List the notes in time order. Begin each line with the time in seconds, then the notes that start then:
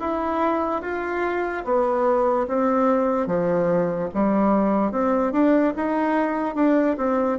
0.00 E4
0.82 F4
1.65 B3
2.48 C4
3.27 F3
4.14 G3
4.92 C4
5.33 D4
5.76 D#4
6.56 D4
6.98 C4